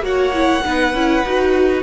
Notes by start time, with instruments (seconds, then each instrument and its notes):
0.00 cello A#3, viola F#4, violin C#5 F#5
0.33 viola E4
0.64 cello B3, viola D#4, violin B4
0.93 cello C#4, viola E4
1.25 cello D#4, viola F#4